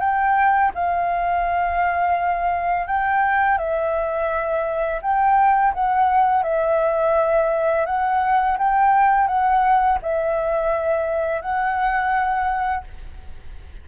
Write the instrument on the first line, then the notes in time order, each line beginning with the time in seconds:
flute
0.00 G5
0.75 F5
2.87 G5
3.58 E5
5.02 G5
5.74 F#5
6.43 E5
7.86 F#5
8.59 G5
9.28 F#5
10.02 E5
11.42 F#5